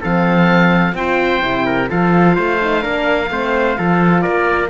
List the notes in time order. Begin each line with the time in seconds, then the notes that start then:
0.00 F3 C4 A4 F5
0.94 C4 F4 C5 G5
1.41 C3 E4
1.66 A#4
1.90 F3 F4 A4 F5
2.35 A3 C5
2.61 D#4
2.81 A#3 D4 A#4
3.30 A3 C4 C5
3.76 F3 F4 A4
4.22 A#3 A#4 D5